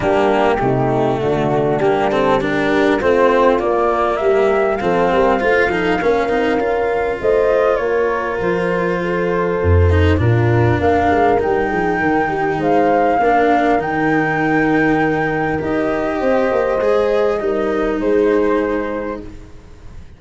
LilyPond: <<
  \new Staff \with { instrumentName = "flute" } { \time 4/4 \tempo 4 = 100 g'2 fis'4 g'8 a'8 | ais'4 c''4 d''4 e''4 | f''1 | dis''4 cis''4 c''2~ |
c''4 ais'4 f''4 g''4~ | g''4 f''2 g''4~ | g''2 dis''2~ | dis''2 c''2 | }
  \new Staff \with { instrumentName = "horn" } { \time 4/4 d'4 dis'4 d'2 | g'4 f'2 g'4 | a'8 ais'8 c''8 a'8 ais'2 | c''4 ais'2 a'4~ |
a'4 f'4 ais'4. gis'8 | ais'8 g'8 c''4 ais'2~ | ais'2. c''4~ | c''4 ais'4 gis'2 | }
  \new Staff \with { instrumentName = "cello" } { \time 4/4 ais4 a2 ais8 c'8 | d'4 c'4 ais2 | c'4 f'8 dis'8 cis'8 dis'8 f'4~ | f'1~ |
f'8 dis'8 d'2 dis'4~ | dis'2 d'4 dis'4~ | dis'2 g'2 | gis'4 dis'2. | }
  \new Staff \with { instrumentName = "tuba" } { \time 4/4 g4 c4 d4 g4~ | g4 a4 ais4 g4 | f8 g8 a8 f8 ais8 c'8 cis'4 | a4 ais4 f2 |
f,4 ais,4 ais8 gis8 g8 f8 | dis4 gis4 ais4 dis4~ | dis2 dis'4 c'8 ais8 | gis4 g4 gis2 | }
>>